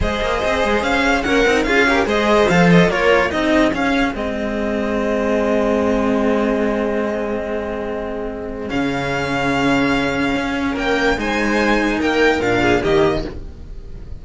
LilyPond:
<<
  \new Staff \with { instrumentName = "violin" } { \time 4/4 \tempo 4 = 145 dis''2 f''4 fis''4 | f''4 dis''4 f''8 dis''8 cis''4 | dis''4 f''4 dis''2~ | dis''1~ |
dis''1~ | dis''4 f''2.~ | f''2 g''4 gis''4~ | gis''4 g''4 f''4 dis''4 | }
  \new Staff \with { instrumentName = "violin" } { \time 4/4 c''2. ais'4 | gis'8 ais'8 c''2 ais'4 | gis'1~ | gis'1~ |
gis'1~ | gis'1~ | gis'2 ais'4 c''4~ | c''4 ais'4. gis'8 g'4 | }
  \new Staff \with { instrumentName = "cello" } { \time 4/4 gis'2. cis'8 dis'8 | f'8 g'8 gis'4 a'4 f'4 | dis'4 cis'4 c'2~ | c'1~ |
c'1~ | c'4 cis'2.~ | cis'2. dis'4~ | dis'2 d'4 ais4 | }
  \new Staff \with { instrumentName = "cello" } { \time 4/4 gis8 ais8 c'8 gis8 cis'4 ais8 c'8 | cis'4 gis4 f4 ais4 | c'4 cis'4 gis2~ | gis1~ |
gis1~ | gis4 cis2.~ | cis4 cis'4 ais4 gis4~ | gis4 ais4 ais,4 dis4 | }
>>